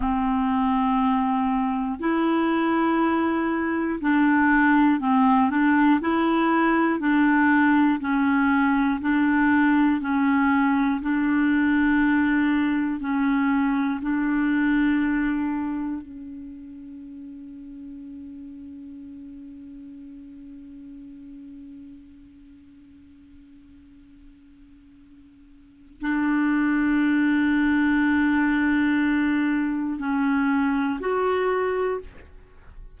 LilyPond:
\new Staff \with { instrumentName = "clarinet" } { \time 4/4 \tempo 4 = 60 c'2 e'2 | d'4 c'8 d'8 e'4 d'4 | cis'4 d'4 cis'4 d'4~ | d'4 cis'4 d'2 |
cis'1~ | cis'1~ | cis'2 d'2~ | d'2 cis'4 fis'4 | }